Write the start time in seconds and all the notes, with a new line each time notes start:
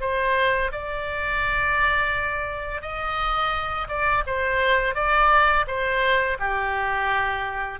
0.00 C5
0.72 D5
2.81 D#5
3.88 D5
4.26 C5
4.94 D5
5.67 C5
6.39 G4